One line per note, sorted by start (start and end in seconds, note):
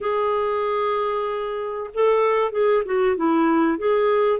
0.00 1.90 G#4
1.93 2.51 A4
2.51 2.83 G#4
2.85 3.16 F#4
3.16 3.78 E4
3.78 4.39 G#4